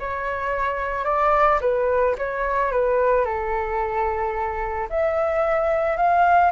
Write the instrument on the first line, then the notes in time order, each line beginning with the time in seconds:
flute
0.00 C#5
1.05 D5
1.61 B4
2.18 C#5
2.72 B4
3.25 A4
4.90 E5
5.97 F5